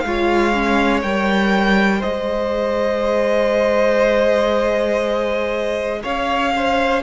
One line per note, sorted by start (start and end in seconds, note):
0.00 1.03 G#3
0.00 1.00 F5
0.06 0.54 F4
0.06 2.00 C#5
0.54 1.04 C#4
1.02 2.03 G3
1.02 2.03 A#4
1.02 2.02 G5
2.00 6.04 G#3
2.00 7.03 G#4
2.00 6.00 C5
2.00 6.02 D#5
6.03 7.03 C#4
6.03 6.53 C#5
6.03 7.03 F5
6.56 7.03 C5